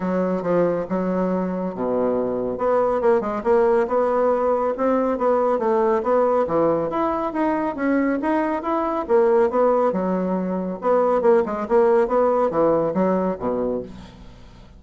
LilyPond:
\new Staff \with { instrumentName = "bassoon" } { \time 4/4 \tempo 4 = 139 fis4 f4 fis2 | b,2 b4 ais8 gis8 | ais4 b2 c'4 | b4 a4 b4 e4 |
e'4 dis'4 cis'4 dis'4 | e'4 ais4 b4 fis4~ | fis4 b4 ais8 gis8 ais4 | b4 e4 fis4 b,4 | }